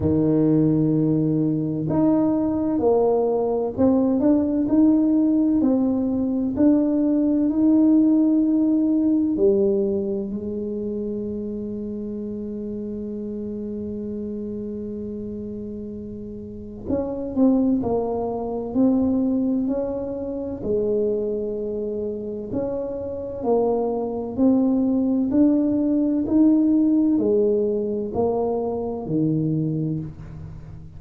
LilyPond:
\new Staff \with { instrumentName = "tuba" } { \time 4/4 \tempo 4 = 64 dis2 dis'4 ais4 | c'8 d'8 dis'4 c'4 d'4 | dis'2 g4 gis4~ | gis1~ |
gis2 cis'8 c'8 ais4 | c'4 cis'4 gis2 | cis'4 ais4 c'4 d'4 | dis'4 gis4 ais4 dis4 | }